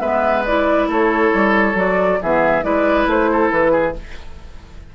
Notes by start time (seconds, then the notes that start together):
0.00 G#3 B3 B4 E5
0.45 E4 D5
0.88 A3 A4 C#5
1.34 G3
1.75 F#3 F#4 D5
2.22 E3 B3 G#4 E5
2.62 G#3 E4 B4 D5
3.07 A3 C5
3.32 A4
3.52 E3 B4
3.72 G#4